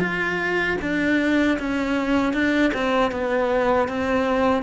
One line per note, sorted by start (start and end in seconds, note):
0.00 0.77 F4
0.81 1.58 D4
1.59 2.34 C#4
2.34 2.72 D4
2.74 3.12 C4
3.12 3.88 B3
3.88 4.63 C4